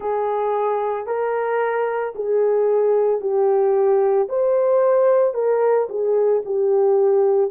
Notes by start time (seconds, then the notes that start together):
0.00 G#4
1.06 A#4
2.15 G#4
3.20 G4
4.29 C5
5.34 A#4
5.89 G#4
6.45 G4